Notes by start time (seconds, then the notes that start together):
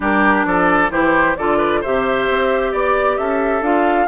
0.00 G3 D4 G4 A#4
0.45 F3 A4 D5
0.89 E3 E4 G4 C5
1.36 D3 F4 A4 D5
1.57 B4
1.80 C3 G4 C5 E5
2.29 C4
2.71 B3 D5
3.17 C#4 A4 E5
3.61 D4 F4 F5